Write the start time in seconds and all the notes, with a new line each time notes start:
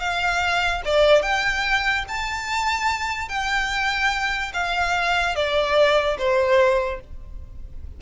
0.00 F5
0.85 D5
1.22 G5
2.08 A5
3.29 G5
4.54 F5
5.36 D5
6.18 C5